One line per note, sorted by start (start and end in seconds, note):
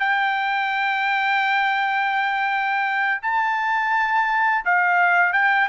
0.00 3.21 G5
3.22 4.65 A5
4.66 5.33 F5
5.33 5.69 G5